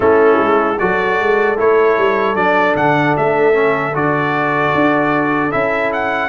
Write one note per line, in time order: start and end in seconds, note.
0.00 0.37 A3
0.00 0.77 C#4
0.00 0.79 E4
0.00 0.78 A4
0.38 0.77 G#3
0.78 1.19 F#3
0.78 1.57 F#4
0.78 6.29 A4
0.78 1.57 D5
1.19 1.59 G#3
1.57 1.97 A3
1.57 2.35 E4
1.57 2.35 C#5
1.97 2.35 G3
2.35 2.74 F#3
2.35 3.53 D4
2.35 2.75 D5
2.75 3.15 D3
2.75 3.15 F#5
3.16 3.94 A3
3.16 3.95 E5
3.53 3.92 C#4
3.93 4.73 D3
3.93 5.51 F#4
3.93 5.51 D5
4.74 5.53 D4
5.51 6.29 C#4
5.51 6.29 E4
5.51 5.91 E5
5.92 6.29 F#5